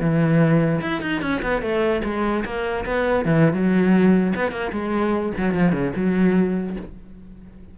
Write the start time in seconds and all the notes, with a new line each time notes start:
0.00 E3
0.81 E4
1.01 D#4
1.21 C#4
1.42 B3
1.62 A3
2.04 G#3
2.45 A#3
2.86 B3
3.25 E3
3.53 F#3
4.35 B3
4.51 A#3
4.72 G#3
5.37 F#3
5.54 F3
5.72 C#3
5.96 F#3